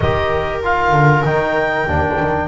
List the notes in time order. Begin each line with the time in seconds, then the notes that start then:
0.00 D#3 G4 A#4 D#5
0.63 F4 F5
0.92 D3
1.24 D#3 D#4 G5
1.85 D#2 D4
2.20 D#3